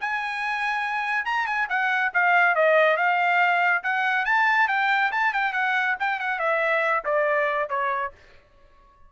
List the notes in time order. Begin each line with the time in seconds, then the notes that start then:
0.00 G#5
1.25 A#5
1.46 G#5
1.69 F#5
2.13 F5
2.55 D#5
2.97 F5
3.83 F#5
4.25 A5
4.68 G5
5.12 A5
5.33 G5
5.52 F#5
5.99 G5
6.19 F#5
6.39 E5
7.04 D5
7.69 C#5